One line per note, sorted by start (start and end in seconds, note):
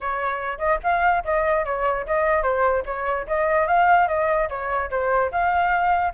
0.01 0.58 C#5
0.58 0.78 D#5
0.83 1.24 F5
1.24 1.65 D#5
1.65 2.06 C#5
2.06 2.42 D#5
2.42 2.83 C5
2.85 3.26 C#5
3.27 3.67 D#5
3.67 4.08 F5
4.08 4.48 D#5
4.49 4.90 C#5
4.90 5.31 C5
5.31 6.13 F5